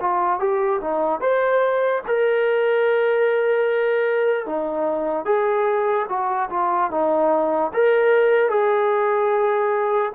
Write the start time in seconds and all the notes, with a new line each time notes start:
0.00 F4
0.39 G4
0.81 D#4
1.21 C5
2.07 A#4
4.46 D#4
5.25 G#4
6.08 F#4
6.50 F4
6.90 D#4
7.74 A#4
8.50 G#4